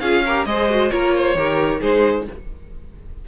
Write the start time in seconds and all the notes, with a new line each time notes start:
0.00 C#4 F4 G#4 F5
0.25 G4 A#4
0.45 G#3 G#4 C5 D#5
0.70 F#4
0.90 A#3 F4 A#4 C#5
1.16 C5
1.35 D#3 G4 A#4
1.80 G#3 D#4 G#4 C5